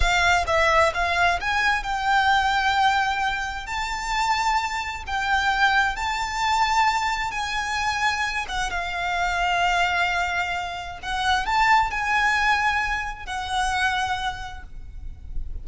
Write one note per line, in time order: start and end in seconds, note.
0.00 0.45 F5
0.47 0.92 E5
0.93 1.39 F5
1.40 1.83 G#5
1.83 3.66 G5
3.66 5.03 A5
5.06 5.96 G5
5.96 7.31 A5
7.31 8.45 G#5
8.48 8.70 F#5
8.70 10.99 F5
11.02 11.45 F#5
11.45 11.90 A5
11.90 13.26 G#5
13.26 14.63 F#5